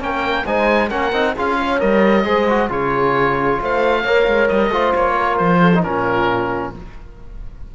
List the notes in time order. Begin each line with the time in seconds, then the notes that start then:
0.00 A#3 C#4 A#4 G5
0.45 G#3 D#4 C5 G#5
0.90 A#3 C#4 A#4 F#5
1.12 C4 D#4
1.35 C#4 F4 G#4 F5
1.59 C#5
1.79 G3 A#4 D#5
2.24 G#3 G#4 C5
2.49 F#4
2.69 C#3 F4 G#4 C#5
3.61 A3 C5 F5
4.02 A#3 A#4 C#5
4.27 G#3
4.48 G3 D#5
4.70 A3 F4 C5
4.95 A#3 C#5
5.15 A#4
5.37 F3 C5
5.60 A4
5.75 D#4
5.83 A#2 C#4 F4 A#4